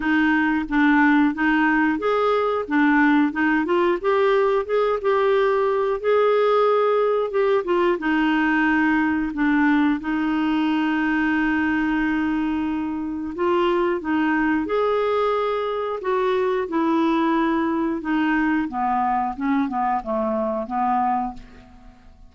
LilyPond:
\new Staff \with { instrumentName = "clarinet" } { \time 4/4 \tempo 4 = 90 dis'4 d'4 dis'4 gis'4 | d'4 dis'8 f'8 g'4 gis'8 g'8~ | g'4 gis'2 g'8 f'8 | dis'2 d'4 dis'4~ |
dis'1 | f'4 dis'4 gis'2 | fis'4 e'2 dis'4 | b4 cis'8 b8 a4 b4 | }